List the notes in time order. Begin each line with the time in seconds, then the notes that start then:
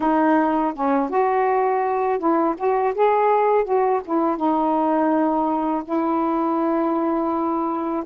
0.00 D#4
0.74 C#4
1.09 F#4
2.18 E4
2.57 F#4
2.94 G#4
3.64 F#4
4.04 E4
4.36 D#4
5.84 E4